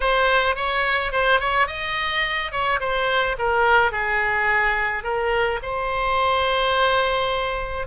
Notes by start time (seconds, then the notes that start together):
0.00 C5
0.55 C#5
1.12 C5
1.39 C#5
1.67 D#5
2.51 C#5
2.80 C5
3.38 A#4
3.91 G#4
5.03 A#4
5.62 C5